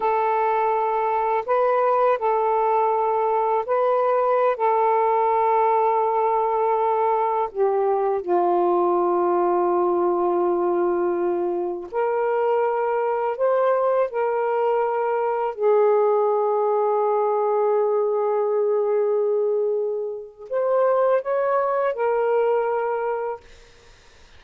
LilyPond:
\new Staff \with { instrumentName = "saxophone" } { \time 4/4 \tempo 4 = 82 a'2 b'4 a'4~ | a'4 b'4~ b'16 a'4.~ a'16~ | a'2~ a'16 g'4 f'8.~ | f'1~ |
f'16 ais'2 c''4 ais'8.~ | ais'4~ ais'16 gis'2~ gis'8.~ | gis'1 | c''4 cis''4 ais'2 | }